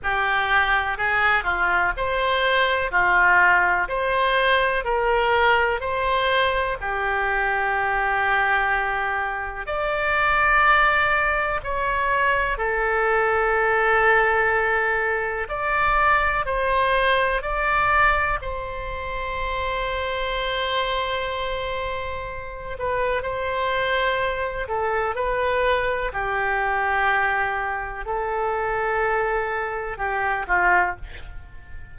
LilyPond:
\new Staff \with { instrumentName = "oboe" } { \time 4/4 \tempo 4 = 62 g'4 gis'8 f'8 c''4 f'4 | c''4 ais'4 c''4 g'4~ | g'2 d''2 | cis''4 a'2. |
d''4 c''4 d''4 c''4~ | c''2.~ c''8 b'8 | c''4. a'8 b'4 g'4~ | g'4 a'2 g'8 f'8 | }